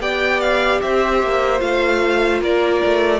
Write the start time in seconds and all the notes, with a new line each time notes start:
0.00 B3 G4 D5 G5
0.41 F5
0.81 C4 C5 E5
1.23 A#3
1.59 A3 F4 F5
2.41 A#3 A#4 D5
2.85 A3